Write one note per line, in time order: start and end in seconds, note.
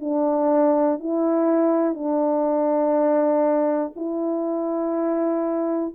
0.00 0.99 D4
0.99 1.94 E4
1.94 3.92 D4
3.96 5.94 E4